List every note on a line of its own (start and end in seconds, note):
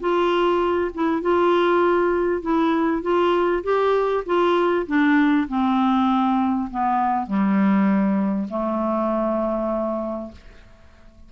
0.00 0.91 F4
0.94 1.22 E4
1.22 2.41 F4
2.41 3.02 E4
3.02 3.63 F4
3.63 4.24 G4
4.26 4.86 F4
4.87 5.47 D4
5.48 6.69 C4
6.70 7.26 B3
7.26 8.48 G3
8.50 10.31 A3